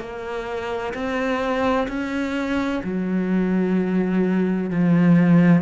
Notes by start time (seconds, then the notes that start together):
0.00 A#3
0.94 C4
1.88 C#4
2.84 F#3
4.70 F3